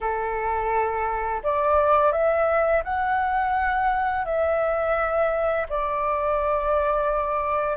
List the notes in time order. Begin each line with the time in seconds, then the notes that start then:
0.01 A4
1.43 D5
2.12 E5
2.84 F#5
4.25 E5
5.69 D5